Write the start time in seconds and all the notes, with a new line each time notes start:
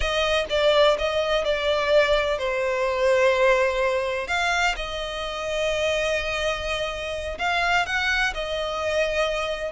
0.00 D#5
0.49 D5
0.98 D#5
1.44 D5
2.38 C5
4.27 F5
4.76 D#5
7.38 F5
7.86 F#5
8.33 D#5